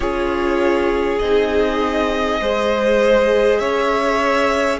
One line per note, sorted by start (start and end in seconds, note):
0.00 1.19 C#4
0.00 1.20 F4
0.00 2.40 G#4
0.00 1.18 C#5
1.18 2.40 C4
1.18 2.40 D#4
1.18 3.58 D#5
2.40 3.60 G#3
2.40 4.80 G#4
2.40 3.60 C5
3.58 4.80 C#4
3.58 4.80 C#5
3.58 4.79 E5